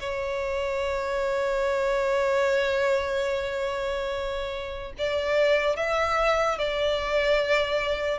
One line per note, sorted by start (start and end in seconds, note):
0.00 4.93 C#5
4.98 5.76 D5
5.76 6.59 E5
6.59 8.19 D5